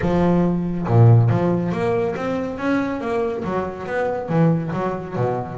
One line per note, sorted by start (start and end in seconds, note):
0.01 0.86 F3
0.87 1.29 A#2
1.29 1.71 F3
1.71 2.14 A#3
2.16 2.57 C4
2.57 3.00 C#4
3.00 3.43 A#3
3.44 3.86 F#3
3.86 4.28 B3
4.28 4.71 E3
4.73 5.15 F#3
5.16 5.57 B2